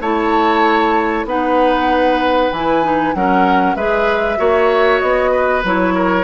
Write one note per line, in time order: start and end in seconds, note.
0.00 1.25 A3
0.00 1.27 E4
0.00 1.26 C#5
0.00 1.26 A5
1.25 2.50 B3
1.25 2.52 D#4
1.25 3.15 B4
1.25 2.52 F#5
2.51 3.14 E3
2.51 2.83 E4
2.51 3.14 G#5
2.83 3.14 D#4
3.14 3.75 F#3
3.14 3.77 C#4
3.14 3.76 A#4
3.14 3.75 F#5
3.75 4.37 G#3
3.75 4.37 G#4
3.75 4.38 B4
3.75 5.00 E5
4.37 5.01 A#3
4.37 5.62 F#4
4.37 5.31 C#5
5.00 5.64 B3
5.00 5.62 D#5
5.31 5.93 B4
5.64 6.24 F#3
5.64 6.24 E4
5.64 6.24 C#5
5.95 6.24 A#4